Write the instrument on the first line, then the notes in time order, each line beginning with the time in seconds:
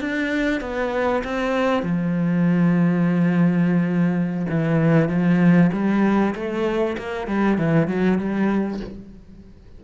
cello
0.00 D4
0.60 B3
1.24 C4
1.82 F3
4.49 E3
5.09 F3
5.72 G3
6.35 A3
6.98 A#3
7.27 G3
7.58 E3
7.87 F#3
8.18 G3